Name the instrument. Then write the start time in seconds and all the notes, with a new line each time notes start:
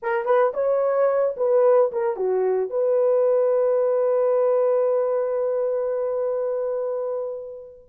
horn
0.02 A#4
0.25 B4
0.53 C#5
1.37 B4
1.91 A#4
2.16 F#4
2.70 B4